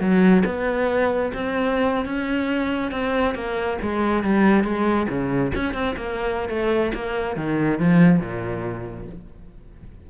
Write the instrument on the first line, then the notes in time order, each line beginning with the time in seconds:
cello
0.00 F#3
0.45 B3
1.34 C4
2.05 C#4
2.91 C4
3.34 A#3
3.82 G#3
4.23 G3
4.63 G#3
5.09 C#3
5.54 C#4
5.74 C4
5.96 A#3
6.49 A3
6.94 A#3
7.36 D#3
7.79 F3
8.19 A#2